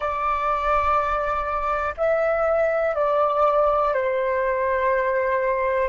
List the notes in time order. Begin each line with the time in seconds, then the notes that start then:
0.00 D5
1.97 E5
2.95 D5
3.93 C5